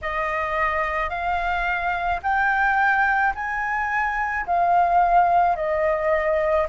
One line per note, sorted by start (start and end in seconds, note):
0.02 1.09 D#5
1.09 2.20 F5
2.22 3.33 G5
3.34 4.45 G#5
4.46 5.56 F5
5.56 6.67 D#5